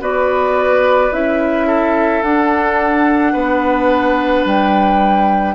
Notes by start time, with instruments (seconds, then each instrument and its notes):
0.00 bassoon B3, clarinet F#4, oboe B4, flute D5
1.11 bassoon C#4, clarinet E4, flute E5
1.67 oboe A4
2.22 bassoon D4, clarinet D4, flute F#5
3.33 bassoon B3, oboe B4
4.44 bassoon G3, flute G5